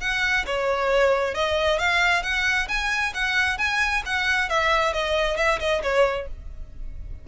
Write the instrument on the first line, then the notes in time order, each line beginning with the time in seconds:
violin
0.00 F#5
0.46 C#5
1.34 D#5
1.78 F5
2.22 F#5
2.68 G#5
3.14 F#5
3.58 G#5
4.05 F#5
4.49 E5
4.93 D#5
5.36 E5
5.59 D#5
5.82 C#5